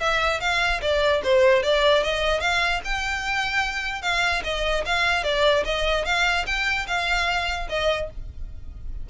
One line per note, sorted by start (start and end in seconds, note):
0.00 0.40 E5
0.40 0.81 F5
0.81 1.22 D5
1.23 1.63 C5
1.63 2.03 D5
2.03 2.40 D#5
2.40 2.81 F5
2.84 4.02 G5
4.02 4.42 F5
4.44 4.84 D#5
4.86 5.24 F5
5.24 5.64 D5
5.65 6.05 D#5
6.05 6.46 F5
6.46 6.86 G5
6.87 7.67 F5
7.69 8.09 D#5